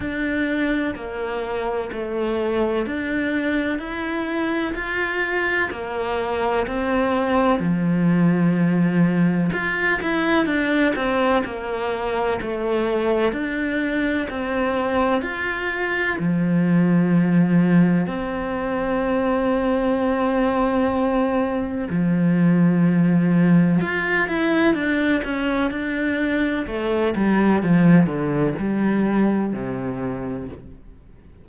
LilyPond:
\new Staff \with { instrumentName = "cello" } { \time 4/4 \tempo 4 = 63 d'4 ais4 a4 d'4 | e'4 f'4 ais4 c'4 | f2 f'8 e'8 d'8 c'8 | ais4 a4 d'4 c'4 |
f'4 f2 c'4~ | c'2. f4~ | f4 f'8 e'8 d'8 cis'8 d'4 | a8 g8 f8 d8 g4 c4 | }